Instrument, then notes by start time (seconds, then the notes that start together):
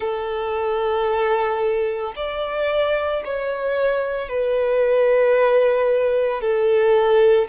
violin
0.00 A4
2.16 D5
3.24 C#5
4.29 B4
6.40 A4